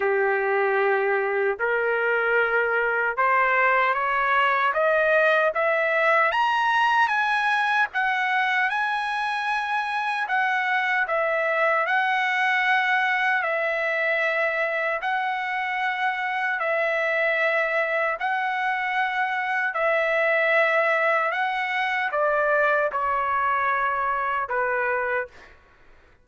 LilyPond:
\new Staff \with { instrumentName = "trumpet" } { \time 4/4 \tempo 4 = 76 g'2 ais'2 | c''4 cis''4 dis''4 e''4 | ais''4 gis''4 fis''4 gis''4~ | gis''4 fis''4 e''4 fis''4~ |
fis''4 e''2 fis''4~ | fis''4 e''2 fis''4~ | fis''4 e''2 fis''4 | d''4 cis''2 b'4 | }